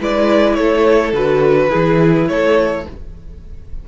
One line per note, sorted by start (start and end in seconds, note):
0.00 0.58 G#3
0.00 1.14 E4
0.00 0.57 B4
0.00 0.55 D5
0.55 1.13 A3
0.55 1.70 A4
0.55 1.12 C#5
1.13 1.70 D3
1.13 1.70 F#4
1.13 2.29 B4
1.70 2.29 E3
1.70 2.84 E4
1.70 2.27 G#4
2.29 2.86 A3
2.29 2.88 A4
2.29 2.86 C#5